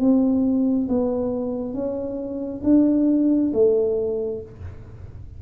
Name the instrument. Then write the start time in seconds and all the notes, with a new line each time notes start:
tuba
0.00 C4
0.89 B3
1.74 C#4
2.64 D4
3.54 A3